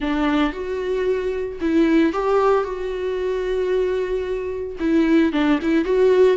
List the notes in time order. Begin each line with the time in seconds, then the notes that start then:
0.00 D4
0.52 F#4
1.60 E4
2.12 G4
2.64 F#4
4.79 E4
5.32 D4
5.61 E4
5.84 F#4